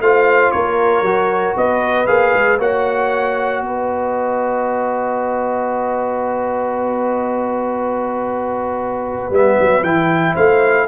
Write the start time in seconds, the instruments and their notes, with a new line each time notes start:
0.00 tuba A3, trombone F4, horn C5, trumpet F5
0.51 tuba A#3, horn A#4, trumpet C#5
1.02 tuba F#3, trombone F#4
1.56 tuba B3, horn B4, trumpet D#5
2.07 tuba A#3, trombone G#4, trumpet F5
2.34 tuba G#3
2.59 tuba A#3, trombone F#4, horn C#5, trumpet F#5
3.61 tuba B3, horn B4, trumpet D#5
9.30 tuba G3, trombone B3, trumpet E5
9.59 tuba F#3
9.83 tuba E3, trombone E4, trumpet G5
10.34 tuba A3, horn C5, trumpet F5